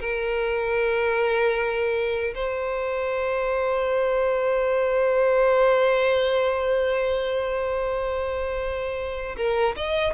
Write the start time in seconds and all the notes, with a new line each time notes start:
0.00 A#4
2.34 C5
9.36 A#4
9.77 D#5